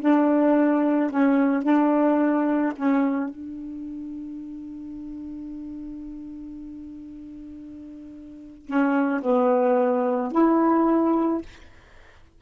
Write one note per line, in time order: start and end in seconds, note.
0.00 1.10 D4
1.10 1.63 C#4
1.63 2.73 D4
2.76 3.29 C#4
3.29 8.65 D4
8.65 9.21 C#4
9.22 10.31 B3
10.31 11.41 E4